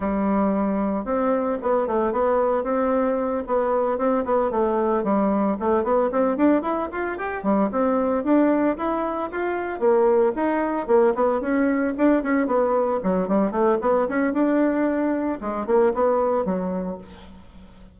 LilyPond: \new Staff \with { instrumentName = "bassoon" } { \time 4/4 \tempo 4 = 113 g2 c'4 b8 a8 | b4 c'4. b4 c'8 | b8 a4 g4 a8 b8 c'8 | d'8 e'8 f'8 g'8 g8 c'4 d'8~ |
d'8 e'4 f'4 ais4 dis'8~ | dis'8 ais8 b8 cis'4 d'8 cis'8 b8~ | b8 fis8 g8 a8 b8 cis'8 d'4~ | d'4 gis8 ais8 b4 fis4 | }